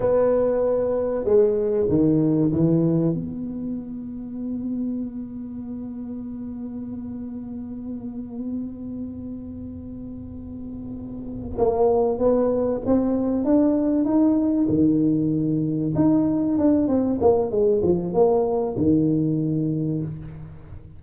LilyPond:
\new Staff \with { instrumentName = "tuba" } { \time 4/4 \tempo 4 = 96 b2 gis4 dis4 | e4 b2.~ | b1~ | b1~ |
b2~ b8 ais4 b8~ | b8 c'4 d'4 dis'4 dis8~ | dis4. dis'4 d'8 c'8 ais8 | gis8 f8 ais4 dis2 | }